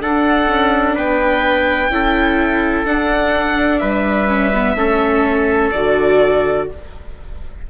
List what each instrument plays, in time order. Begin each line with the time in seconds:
0.00 viola D4, bassoon D4, trumpet A4, violin F#5
0.47 bassoon C#4
0.95 bassoon B3, trumpet B4, violin G5
1.89 bassoon C#4, viola E4, trumpet A4
2.85 viola D4, bassoon D4, violin F#5
3.78 bassoon G3, trumpet B4, violin E5
4.28 viola C#4
4.54 viola B3
4.75 bassoon A3, viola C#4, trumpet A4
5.71 bassoon D3, viola F#4, violin D5